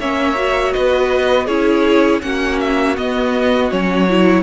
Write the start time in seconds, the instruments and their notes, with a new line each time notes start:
0.00 cello A#3, viola C#4, violin C#5 E5
0.36 viola F#4
0.73 cello B3, violin B4 D#5
1.46 cello C#4, viola E4, violin G#4 C#5
2.22 cello A#3, viola C#4, violin F#4 F#5
2.60 violin E5
2.96 viola B3, cello B3, violin D#5
3.71 cello F#3, viola C#4, violin C#5
4.10 viola E4